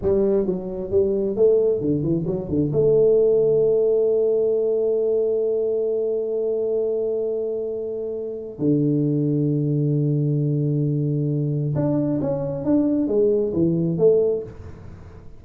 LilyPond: \new Staff \with { instrumentName = "tuba" } { \time 4/4 \tempo 4 = 133 g4 fis4 g4 a4 | d8 e8 fis8 d8 a2~ | a1~ | a1~ |
a2. d4~ | d1~ | d2 d'4 cis'4 | d'4 gis4 e4 a4 | }